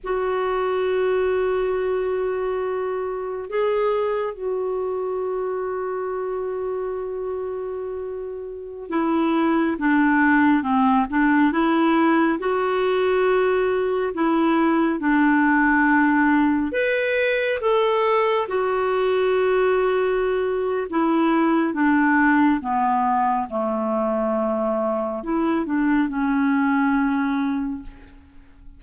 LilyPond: \new Staff \with { instrumentName = "clarinet" } { \time 4/4 \tempo 4 = 69 fis'1 | gis'4 fis'2.~ | fis'2~ fis'16 e'4 d'8.~ | d'16 c'8 d'8 e'4 fis'4.~ fis'16~ |
fis'16 e'4 d'2 b'8.~ | b'16 a'4 fis'2~ fis'8. | e'4 d'4 b4 a4~ | a4 e'8 d'8 cis'2 | }